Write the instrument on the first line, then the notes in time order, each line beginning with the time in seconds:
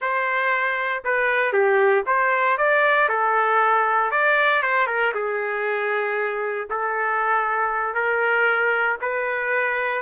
trumpet
0.01 C5
1.04 B4
1.52 G4
2.06 C5
2.57 D5
3.09 A4
4.11 D5
4.62 C5
4.86 A#4
5.14 G#4
6.69 A4
7.94 A#4
9.01 B4